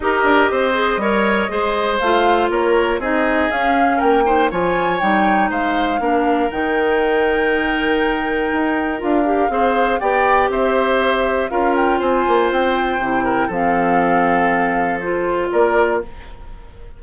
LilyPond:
<<
  \new Staff \with { instrumentName = "flute" } { \time 4/4 \tempo 4 = 120 dis''1 | f''4 cis''4 dis''4 f''4 | g''4 gis''4 g''4 f''4~ | f''4 g''2.~ |
g''2 f''2 | g''4 e''2 f''8 g''8 | gis''4 g''2 f''4~ | f''2 c''4 d''4 | }
  \new Staff \with { instrumentName = "oboe" } { \time 4/4 ais'4 c''4 cis''4 c''4~ | c''4 ais'4 gis'2 | ais'8 c''8 cis''2 c''4 | ais'1~ |
ais'2. c''4 | d''4 c''2 ais'4 | c''2~ c''8 ais'8 a'4~ | a'2. ais'4 | }
  \new Staff \with { instrumentName = "clarinet" } { \time 4/4 g'4. gis'8 ais'4 gis'4 | f'2 dis'4 cis'4~ | cis'8 dis'8 f'4 dis'2 | d'4 dis'2.~ |
dis'2 f'8 g'8 gis'4 | g'2. f'4~ | f'2 e'4 c'4~ | c'2 f'2 | }
  \new Staff \with { instrumentName = "bassoon" } { \time 4/4 dis'8 d'8 c'4 g4 gis4 | a4 ais4 c'4 cis'4 | ais4 f4 g4 gis4 | ais4 dis2.~ |
dis4 dis'4 d'4 c'4 | b4 c'2 cis'4 | c'8 ais8 c'4 c4 f4~ | f2. ais4 | }
>>